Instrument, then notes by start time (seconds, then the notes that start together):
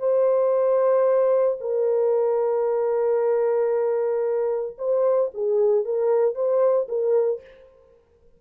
horn
0.00 C5
1.61 A#4
4.78 C5
5.34 G#4
5.85 A#4
6.35 C5
6.89 A#4